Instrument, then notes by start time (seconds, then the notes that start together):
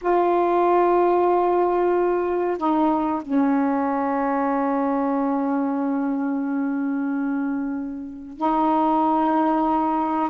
saxophone
0.01 F4
2.57 D#4
3.21 C#4
8.37 D#4